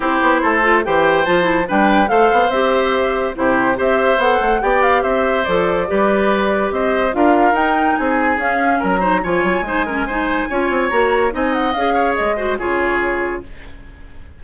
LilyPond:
<<
  \new Staff \with { instrumentName = "flute" } { \time 4/4 \tempo 4 = 143 c''2 g''4 a''4 | g''4 f''4 e''2 | c''4 e''4 fis''4 g''8 f''8 | e''4 d''2. |
dis''4 f''4 g''4 gis''4 | f''4 ais''4 gis''2~ | gis''2 ais''4 gis''8 fis''8 | f''4 dis''4 cis''2 | }
  \new Staff \with { instrumentName = "oboe" } { \time 4/4 g'4 a'4 c''2 | b'4 c''2. | g'4 c''2 d''4 | c''2 b'2 |
c''4 ais'2 gis'4~ | gis'4 ais'8 c''8 cis''4 c''8 ais'8 | c''4 cis''2 dis''4~ | dis''8 cis''4 c''8 gis'2 | }
  \new Staff \with { instrumentName = "clarinet" } { \time 4/4 e'4. f'8 g'4 f'8 e'8 | d'4 a'4 g'2 | e'4 g'4 a'4 g'4~ | g'4 a'4 g'2~ |
g'4 f'4 dis'2 | cis'4. dis'8 f'4 dis'8 cis'8 | dis'4 f'4 fis'4 dis'4 | gis'4. fis'8 f'2 | }
  \new Staff \with { instrumentName = "bassoon" } { \time 4/4 c'8 b8 a4 e4 f4 | g4 a8 b8 c'2 | c4 c'4 b8 a8 b4 | c'4 f4 g2 |
c'4 d'4 dis'4 c'4 | cis'4 fis4 f8 fis8 gis4~ | gis4 cis'8 c'8 ais4 c'4 | cis'4 gis4 cis2 | }
>>